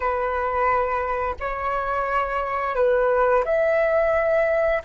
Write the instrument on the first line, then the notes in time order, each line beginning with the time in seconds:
flute
0.00 B4
1.39 C#5
2.75 B4
3.44 E5